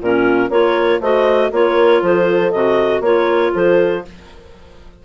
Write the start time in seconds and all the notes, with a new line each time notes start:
0.00 A#2 C#4 F4 A#4
0.49 A#3 F4 A#4 C#5
0.99 A3 F#4 C5 D#5
1.51 A#3 F4 A#4 C#5
2.02 F3 A4 C5
2.51 C3 F#4 D#5
3.00 A#3 F4 A#4 C#5
3.53 F3 A4 C5